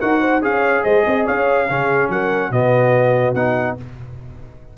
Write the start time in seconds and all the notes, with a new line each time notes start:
0.00 D#4 F#4 A#4 F#5
0.21 C5
0.42 C#4 G#4 C#5 F5
0.84 G#3 C5 D#5
1.07 C4 D#5
1.27 C#4 C#5 F5
1.70 C#3 C#4 G#4
2.10 F#3 A#4 F#5
2.51 B2 B3 F#4 D#5
3.35 B3 D#4 F#5